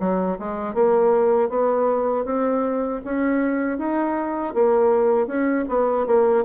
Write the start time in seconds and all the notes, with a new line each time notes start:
0.00 F#3
0.39 G#3
0.75 A#3
1.49 B3
2.25 C4
3.05 C#4
3.78 D#4
4.55 A#3
5.27 C#4
5.69 B3
6.07 A#3